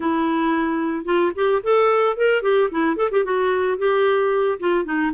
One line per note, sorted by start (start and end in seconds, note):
0.00 1.05 E4
1.05 1.32 F4
1.35 1.62 G4
1.63 2.16 A4
2.16 2.42 A#4
2.42 2.69 G4
2.71 2.96 E4
2.96 3.10 A4
3.11 3.24 G4
3.24 3.77 F#4
3.77 4.58 G4
4.59 4.84 F4
4.84 5.11 D#4